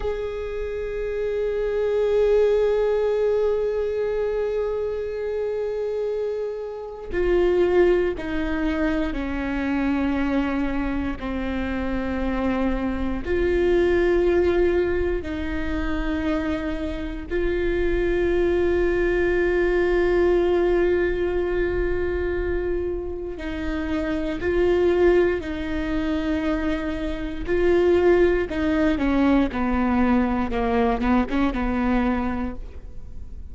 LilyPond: \new Staff \with { instrumentName = "viola" } { \time 4/4 \tempo 4 = 59 gis'1~ | gis'2. f'4 | dis'4 cis'2 c'4~ | c'4 f'2 dis'4~ |
dis'4 f'2.~ | f'2. dis'4 | f'4 dis'2 f'4 | dis'8 cis'8 b4 ais8 b16 cis'16 b4 | }